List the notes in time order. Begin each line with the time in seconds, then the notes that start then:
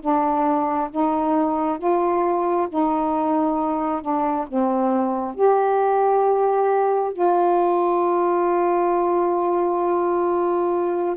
0.00 D4
0.90 D#4
1.78 F4
2.69 D#4
4.01 D4
4.47 C4
5.34 G4
7.13 F4